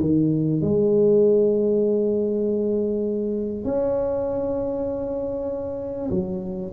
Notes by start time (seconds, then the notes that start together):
0.00 D#3
0.61 G#3
3.64 C#4
6.10 F#3